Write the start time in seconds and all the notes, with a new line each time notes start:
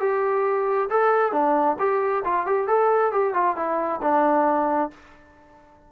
0.00 G4
0.89 A4
1.32 D4
1.79 G4
2.24 F4
2.46 G4
2.67 A4
3.12 G4
3.34 F4
3.56 E4
4.02 D4